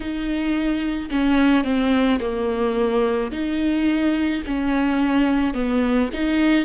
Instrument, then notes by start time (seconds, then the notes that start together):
viola
0.00 D#4
1.10 C#4
1.64 C4
2.20 A#3
3.31 D#4
4.46 C#4
5.54 B3
6.13 D#4